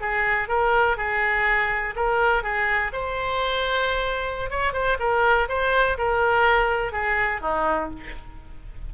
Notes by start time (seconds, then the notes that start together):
0.00 G#4
0.48 A#4
0.97 G#4
1.95 A#4
2.43 G#4
2.92 C5
4.50 C#5
4.73 C5
4.99 A#4
5.48 C5
5.98 A#4
6.92 G#4
7.41 D#4